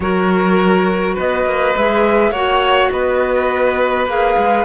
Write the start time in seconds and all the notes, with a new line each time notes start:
0.00 F#3 F#4 A#4 C#5
1.14 B3 B4 D#5
1.45 A#3
1.76 G#3 G#4 E5
2.30 A#3 F#4 C#5 F#5
2.90 B3 B4 D#5
4.06 A#3 G#4 F5
4.37 G#3